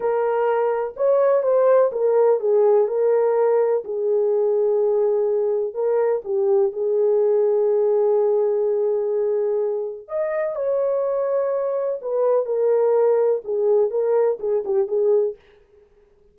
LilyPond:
\new Staff \with { instrumentName = "horn" } { \time 4/4 \tempo 4 = 125 ais'2 cis''4 c''4 | ais'4 gis'4 ais'2 | gis'1 | ais'4 g'4 gis'2~ |
gis'1~ | gis'4 dis''4 cis''2~ | cis''4 b'4 ais'2 | gis'4 ais'4 gis'8 g'8 gis'4 | }